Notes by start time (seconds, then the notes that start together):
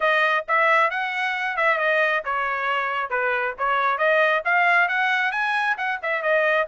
0.00 D#5
0.47 E5
0.90 F#5
1.57 E5
1.78 D#5
2.24 C#5
3.10 B4
3.58 C#5
3.98 D#5
4.44 F5
4.88 F#5
5.31 G#5
5.77 F#5
6.02 E5
6.22 D#5